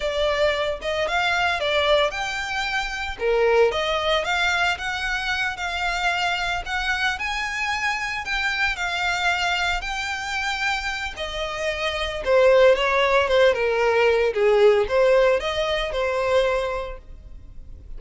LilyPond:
\new Staff \with { instrumentName = "violin" } { \time 4/4 \tempo 4 = 113 d''4. dis''8 f''4 d''4 | g''2 ais'4 dis''4 | f''4 fis''4. f''4.~ | f''8 fis''4 gis''2 g''8~ |
g''8 f''2 g''4.~ | g''4 dis''2 c''4 | cis''4 c''8 ais'4. gis'4 | c''4 dis''4 c''2 | }